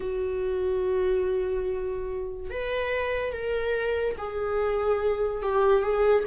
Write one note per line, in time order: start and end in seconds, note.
0.00 2.50 F#4
2.50 3.33 B4
3.33 4.16 A#4
4.17 5.42 G#4
5.42 5.82 G4
5.82 6.23 G#4